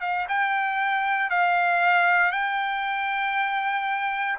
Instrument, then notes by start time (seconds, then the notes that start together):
trumpet
0.00 F5
0.28 G5
1.29 F5
2.31 G5